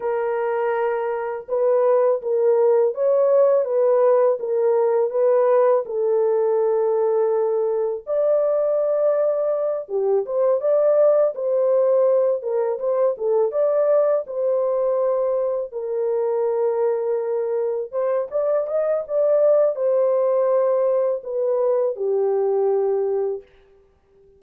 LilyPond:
\new Staff \with { instrumentName = "horn" } { \time 4/4 \tempo 4 = 82 ais'2 b'4 ais'4 | cis''4 b'4 ais'4 b'4 | a'2. d''4~ | d''4. g'8 c''8 d''4 c''8~ |
c''4 ais'8 c''8 a'8 d''4 c''8~ | c''4. ais'2~ ais'8~ | ais'8 c''8 d''8 dis''8 d''4 c''4~ | c''4 b'4 g'2 | }